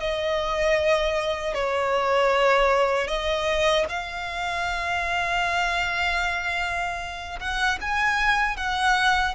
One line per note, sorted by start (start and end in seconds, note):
0.00 1.54 D#5
1.54 3.07 C#5
3.07 3.85 D#5
3.89 7.40 F5
7.40 7.79 F#5
7.81 8.57 G#5
8.57 9.35 F#5